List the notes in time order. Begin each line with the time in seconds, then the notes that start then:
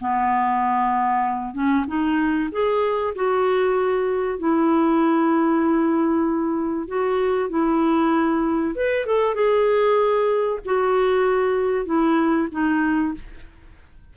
0.00 B3
1.54 C#4
1.87 D#4
2.52 G#4
3.16 F#4
4.39 E4
6.88 F#4
7.50 E4
8.75 B4
9.06 A4
9.35 G#4
10.65 F#4
11.86 E4
12.51 D#4